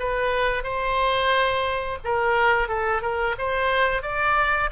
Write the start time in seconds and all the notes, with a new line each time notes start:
0.00 B4
0.64 C5
2.05 A#4
2.69 A4
3.02 A#4
3.39 C5
4.03 D5